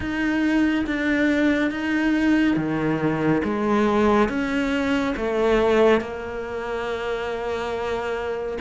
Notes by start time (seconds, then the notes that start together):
0.00 D#4
0.86 D4
1.71 D#4
2.56 D#3
3.44 G#3
4.28 C#4
5.16 A3
6.00 A#3